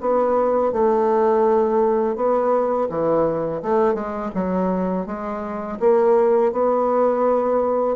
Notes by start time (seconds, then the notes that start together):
0.00 B3
0.72 A3
2.15 B3
2.89 E3
3.62 A3
3.94 G#3
4.34 F#3
5.06 G#3
5.80 A#3
6.52 B3